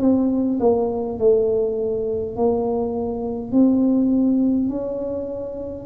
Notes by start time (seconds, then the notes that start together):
0.00 C4
0.60 A#3
1.19 A3
2.36 A#3
3.52 C4
4.70 C#4